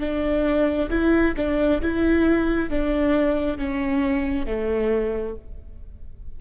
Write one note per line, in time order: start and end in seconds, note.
0.00 0.90 D4
0.90 1.35 E4
1.37 1.82 D4
1.82 2.70 E4
2.70 3.58 D4
3.58 4.47 C#4
4.47 5.36 A3